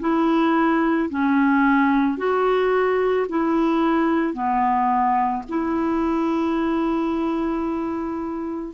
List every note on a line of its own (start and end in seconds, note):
0.00 1.09 E4
1.09 2.18 C#4
2.18 3.27 F#4
3.28 4.33 E4
4.33 5.42 B3
5.48 8.74 E4